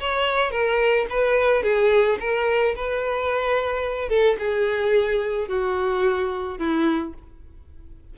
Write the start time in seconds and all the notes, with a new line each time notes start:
0.00 C#5
0.51 A#4
1.10 B4
1.63 G#4
2.20 A#4
2.76 B4
4.09 A4
4.39 G#4
5.48 F#4
6.59 E4